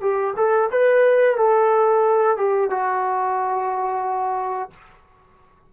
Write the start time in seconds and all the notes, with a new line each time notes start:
0.00 G4
0.36 A4
0.71 B4
1.36 A4
2.37 G4
2.70 F#4